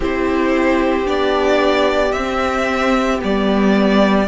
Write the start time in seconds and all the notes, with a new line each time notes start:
0.00 C4 E4 G4 C5
1.05 B3 D4 D5
2.12 C4 E5
3.19 G3 B3 D5